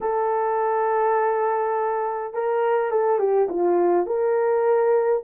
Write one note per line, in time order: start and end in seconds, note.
0.00 2.33 A4
2.33 2.90 A#4
2.90 3.19 A4
3.19 3.48 G4
3.49 4.06 F4
4.06 5.22 A#4